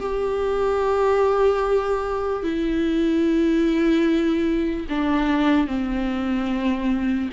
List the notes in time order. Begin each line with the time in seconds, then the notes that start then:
0.00 G4
2.43 E4
4.89 D4
5.68 C4